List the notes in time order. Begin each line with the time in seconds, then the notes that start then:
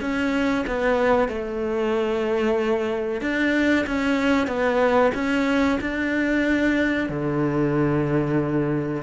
0.00 C#4
0.67 B3
1.28 A3
3.21 D4
3.87 C#4
4.47 B3
5.14 C#4
5.80 D4
7.09 D3